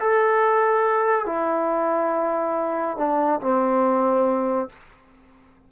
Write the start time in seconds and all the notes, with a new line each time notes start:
0.00 A4
1.26 E4
2.97 D4
3.41 C4